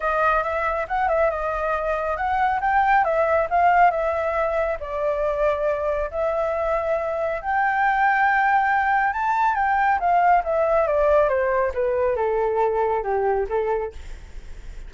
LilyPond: \new Staff \with { instrumentName = "flute" } { \time 4/4 \tempo 4 = 138 dis''4 e''4 fis''8 e''8 dis''4~ | dis''4 fis''4 g''4 e''4 | f''4 e''2 d''4~ | d''2 e''2~ |
e''4 g''2.~ | g''4 a''4 g''4 f''4 | e''4 d''4 c''4 b'4 | a'2 g'4 a'4 | }